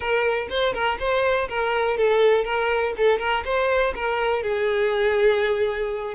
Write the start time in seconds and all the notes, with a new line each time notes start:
0.00 A#4
0.49 C5
0.73 A#4
0.99 C5
1.48 A#4
1.97 A4
2.44 A#4
2.97 A4
3.19 A#4
3.44 C5
3.95 A#4
4.42 G#4